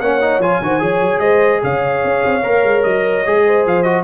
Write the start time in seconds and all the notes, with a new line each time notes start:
0.00 A#3 C#4 C#5 F#5
0.21 D#4
0.39 F3 F4 G#5
0.61 D#3 F#4 C5
0.79 F3 G#4 C#5
1.01 F#3
1.19 G#3 C5 D#5
1.63 C#3 C#5 F5
2.04 C#4
2.25 C4
2.43 A#3 A#4
2.64 G#3
2.83 F#3 D#5
3.26 G#3 G#4
3.46 C5
3.66 F3 F5
3.82 F#4 D#5